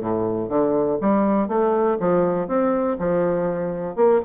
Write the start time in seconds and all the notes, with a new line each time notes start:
0.00 A2
0.49 D3
1.01 G3
1.48 A3
1.99 F3
2.48 C4
2.99 F3
3.96 A#3